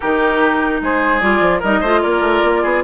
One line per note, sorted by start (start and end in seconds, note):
0.00 0.81 D#3
0.00 1.21 D#4
0.00 0.81 G4
0.00 0.80 A#4
0.81 1.21 G#3
0.81 1.59 G#4
0.81 1.20 C5
1.20 1.40 G3
1.20 1.61 F4
1.20 1.60 D5
1.40 1.60 F3
1.59 1.81 G3
1.59 1.84 D#4
1.59 1.79 A#4
1.59 2.02 D#5
1.80 2.02 A3
1.80 2.83 F4
1.80 2.00 C5
2.02 2.21 A#3
2.02 2.62 A#4
2.02 2.83 D5
2.21 2.41 A3
2.43 2.63 A#3
2.62 2.83 B3
2.62 2.82 G#4